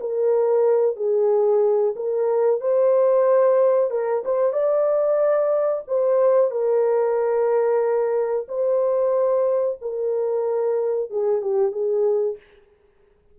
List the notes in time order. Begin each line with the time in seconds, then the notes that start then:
0.00 A#4
0.96 G#4
1.95 A#4
2.60 C5
3.90 A#4
4.25 C5
4.52 D5
5.87 C5
6.51 A#4
8.48 C5
9.81 A#4
11.10 G#4
11.41 G4
11.71 G#4